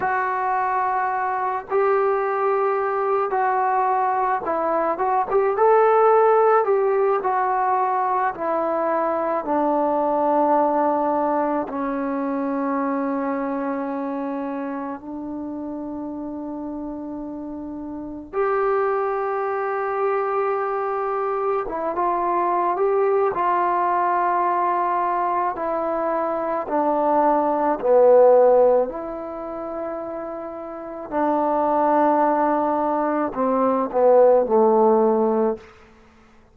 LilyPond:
\new Staff \with { instrumentName = "trombone" } { \time 4/4 \tempo 4 = 54 fis'4. g'4. fis'4 | e'8 fis'16 g'16 a'4 g'8 fis'4 e'8~ | e'8 d'2 cis'4.~ | cis'4. d'2~ d'8~ |
d'8 g'2. e'16 f'16~ | f'8 g'8 f'2 e'4 | d'4 b4 e'2 | d'2 c'8 b8 a4 | }